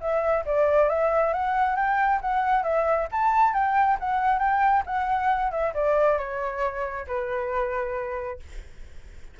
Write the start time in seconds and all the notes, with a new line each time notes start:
0.00 E5
0.45 D5
0.89 E5
1.33 F#5
1.76 G5
2.21 F#5
2.63 E5
3.11 A5
3.53 G5
3.99 F#5
4.39 G5
4.86 F#5
5.51 E5
5.74 D5
6.18 C#5
7.07 B4